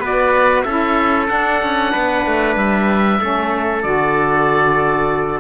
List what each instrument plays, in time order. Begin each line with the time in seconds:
0.00 cello B3, saxophone F#4, trumpet B4
0.06 oboe D5
0.63 cello C#4, saxophone E4, trumpet A4, oboe E5
1.27 saxophone D4, cello D4, oboe F#5
1.63 cello C#4
1.92 cello B3, trumpet B4
2.26 cello A3
2.56 cello G3, oboe E5
3.20 cello A3, saxophone C#4, trumpet A4
3.83 cello D3, saxophone F#4, oboe D5